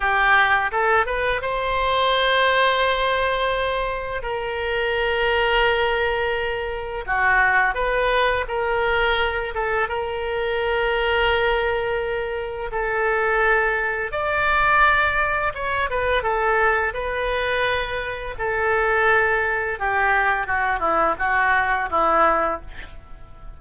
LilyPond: \new Staff \with { instrumentName = "oboe" } { \time 4/4 \tempo 4 = 85 g'4 a'8 b'8 c''2~ | c''2 ais'2~ | ais'2 fis'4 b'4 | ais'4. a'8 ais'2~ |
ais'2 a'2 | d''2 cis''8 b'8 a'4 | b'2 a'2 | g'4 fis'8 e'8 fis'4 e'4 | }